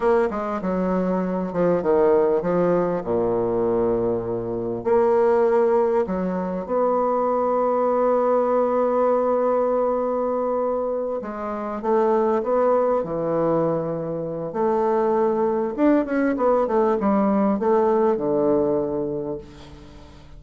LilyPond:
\new Staff \with { instrumentName = "bassoon" } { \time 4/4 \tempo 4 = 99 ais8 gis8 fis4. f8 dis4 | f4 ais,2. | ais2 fis4 b4~ | b1~ |
b2~ b8 gis4 a8~ | a8 b4 e2~ e8 | a2 d'8 cis'8 b8 a8 | g4 a4 d2 | }